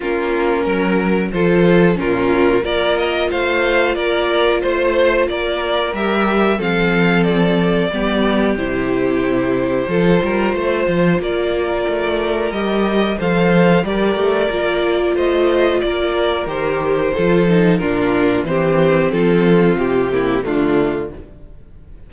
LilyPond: <<
  \new Staff \with { instrumentName = "violin" } { \time 4/4 \tempo 4 = 91 ais'2 c''4 ais'4 | d''8 dis''8 f''4 d''4 c''4 | d''4 e''4 f''4 d''4~ | d''4 c''2.~ |
c''4 d''2 dis''4 | f''4 d''2 dis''4 | d''4 c''2 ais'4 | c''4 a'4 g'4 f'4 | }
  \new Staff \with { instrumentName = "violin" } { \time 4/4 f'4 ais'4 a'4 f'4 | ais'4 c''4 ais'4 c''4 | ais'2 a'2 | g'2. a'8 ais'8 |
c''4 ais'2. | c''4 ais'2 c''4 | ais'2 a'4 f'4 | g'4 f'4. e'8 d'4 | }
  \new Staff \with { instrumentName = "viola" } { \time 4/4 cis'2 f'4 cis'4 | f'1~ | f'4 g'4 c'2 | b4 e'2 f'4~ |
f'2. g'4 | a'4 g'4 f'2~ | f'4 g'4 f'8 dis'8 d'4 | c'2~ c'8 ais8 a4 | }
  \new Staff \with { instrumentName = "cello" } { \time 4/4 ais4 fis4 f4 ais,4 | ais4 a4 ais4 a4 | ais4 g4 f2 | g4 c2 f8 g8 |
a8 f8 ais4 a4 g4 | f4 g8 a8 ais4 a4 | ais4 dis4 f4 ais,4 | e4 f4 c4 d4 | }
>>